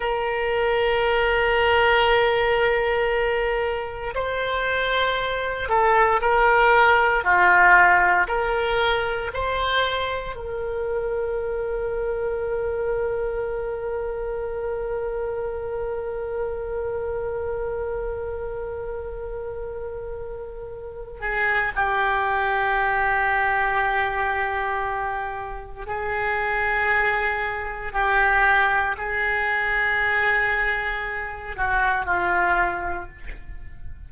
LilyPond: \new Staff \with { instrumentName = "oboe" } { \time 4/4 \tempo 4 = 58 ais'1 | c''4. a'8 ais'4 f'4 | ais'4 c''4 ais'2~ | ais'1~ |
ais'1~ | ais'8 gis'8 g'2.~ | g'4 gis'2 g'4 | gis'2~ gis'8 fis'8 f'4 | }